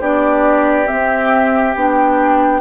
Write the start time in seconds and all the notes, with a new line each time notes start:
0.00 B3 D4 G4 D5
0.86 C4 E5
0.93 C4
1.76 B3 D4 G5